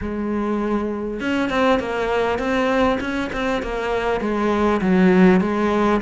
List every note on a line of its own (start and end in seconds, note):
0.01 1.20 G#3
1.20 1.49 C#4
1.49 1.79 C4
1.79 2.38 A#3
2.38 2.98 C4
3.00 3.30 C#4
3.32 3.62 C4
3.62 4.21 A#3
4.21 4.81 G#3
4.81 5.40 F#3
5.40 6.00 G#3